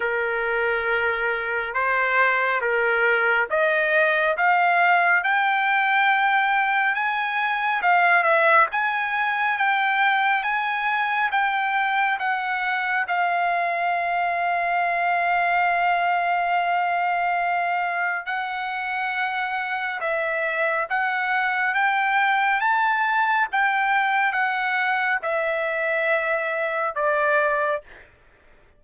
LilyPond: \new Staff \with { instrumentName = "trumpet" } { \time 4/4 \tempo 4 = 69 ais'2 c''4 ais'4 | dis''4 f''4 g''2 | gis''4 f''8 e''8 gis''4 g''4 | gis''4 g''4 fis''4 f''4~ |
f''1~ | f''4 fis''2 e''4 | fis''4 g''4 a''4 g''4 | fis''4 e''2 d''4 | }